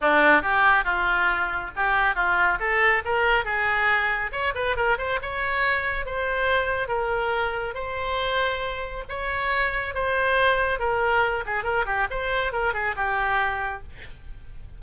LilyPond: \new Staff \with { instrumentName = "oboe" } { \time 4/4 \tempo 4 = 139 d'4 g'4 f'2 | g'4 f'4 a'4 ais'4 | gis'2 cis''8 b'8 ais'8 c''8 | cis''2 c''2 |
ais'2 c''2~ | c''4 cis''2 c''4~ | c''4 ais'4. gis'8 ais'8 g'8 | c''4 ais'8 gis'8 g'2 | }